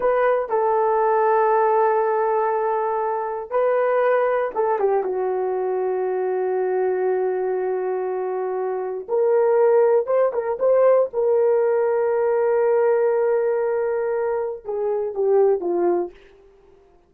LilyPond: \new Staff \with { instrumentName = "horn" } { \time 4/4 \tempo 4 = 119 b'4 a'2.~ | a'2. b'4~ | b'4 a'8 g'8 fis'2~ | fis'1~ |
fis'2 ais'2 | c''8 ais'8 c''4 ais'2~ | ais'1~ | ais'4 gis'4 g'4 f'4 | }